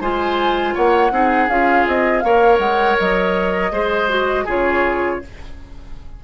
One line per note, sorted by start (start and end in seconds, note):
0.00 0.74 G#3
0.00 1.11 F4
0.00 0.74 C5
0.00 0.75 G#5
0.74 1.11 A#3
0.74 1.11 C#5
0.74 1.49 F#5
1.11 1.48 C4
1.11 1.48 D#4
1.11 2.24 G#4
1.48 1.85 C#4
1.48 2.23 F4
1.48 1.86 F5
1.87 2.23 C4
1.87 2.20 D#5
2.20 2.58 A#3
2.20 3.71 A#4
2.20 3.72 C#5
2.20 2.57 F5
2.58 2.96 G#3
2.58 2.96 F#5
2.99 3.71 F#3
2.99 4.47 D#5
3.71 4.45 G#3
3.71 4.08 G#4
3.71 4.45 C5
4.08 4.45 F#4
4.45 5.21 C#3
4.45 5.21 F4
4.45 5.19 G#4
4.45 5.24 C#5